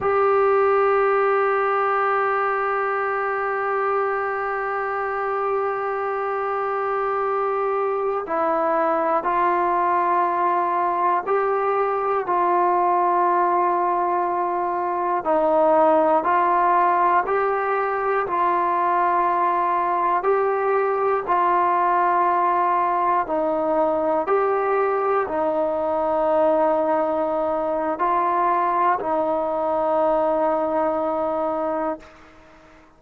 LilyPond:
\new Staff \with { instrumentName = "trombone" } { \time 4/4 \tempo 4 = 60 g'1~ | g'1~ | g'16 e'4 f'2 g'8.~ | g'16 f'2. dis'8.~ |
dis'16 f'4 g'4 f'4.~ f'16~ | f'16 g'4 f'2 dis'8.~ | dis'16 g'4 dis'2~ dis'8. | f'4 dis'2. | }